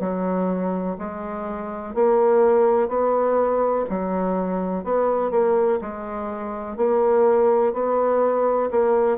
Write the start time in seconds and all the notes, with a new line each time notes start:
0.00 F#3
0.99 G#3
1.94 A#3
2.89 B3
3.90 F#3
4.84 B3
5.31 A#3
5.82 G#3
6.77 A#3
7.73 B3
8.71 A#3